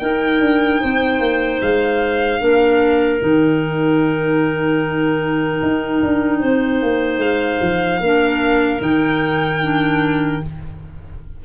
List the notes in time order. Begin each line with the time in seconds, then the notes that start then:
0.00 D#4 A#4 G5
0.41 D4
0.81 C4 C5
1.20 A#3
1.62 G#3 F5
2.40 A#3 D4 A#4
3.20 D#3 D#4 G5
5.62 D#4
6.03 D4
6.40 C4 C5
6.83 A#3
7.18 G#3 F5
7.62 F3
8.00 A#3 D4 A#4
8.80 D#3 D#4 G5
9.62 D4